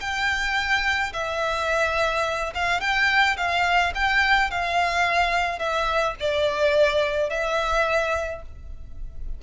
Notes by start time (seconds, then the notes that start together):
0.00 G5
1.13 E5
2.54 F5
2.80 G5
3.36 F5
3.94 G5
4.50 F5
5.58 E5
6.19 D5
7.29 E5